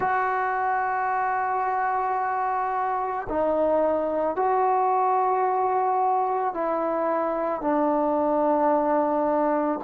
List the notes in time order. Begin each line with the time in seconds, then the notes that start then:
0.00 F#4
3.29 D#4
4.36 F#4
6.54 E4
7.61 D4